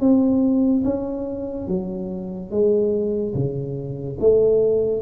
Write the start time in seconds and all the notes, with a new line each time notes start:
0.00 C4
0.84 C#4
1.68 F#3
2.51 G#3
3.34 C#3
4.20 A3